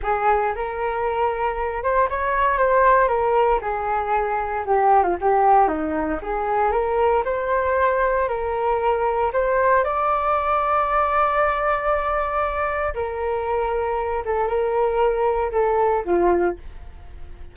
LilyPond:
\new Staff \with { instrumentName = "flute" } { \time 4/4 \tempo 4 = 116 gis'4 ais'2~ ais'8 c''8 | cis''4 c''4 ais'4 gis'4~ | gis'4 g'8. f'16 g'4 dis'4 | gis'4 ais'4 c''2 |
ais'2 c''4 d''4~ | d''1~ | d''4 ais'2~ ais'8 a'8 | ais'2 a'4 f'4 | }